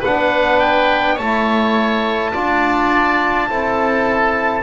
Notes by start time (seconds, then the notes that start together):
0.00 B3 D4 B4 F#5
0.60 G5
1.15 A3 C#5 A5
1.22 E4
2.33 D4 F4 D5
3.49 C4 E4 A4